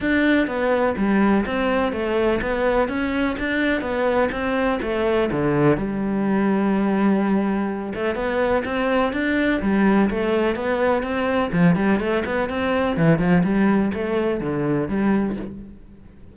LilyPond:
\new Staff \with { instrumentName = "cello" } { \time 4/4 \tempo 4 = 125 d'4 b4 g4 c'4 | a4 b4 cis'4 d'4 | b4 c'4 a4 d4 | g1~ |
g8 a8 b4 c'4 d'4 | g4 a4 b4 c'4 | f8 g8 a8 b8 c'4 e8 f8 | g4 a4 d4 g4 | }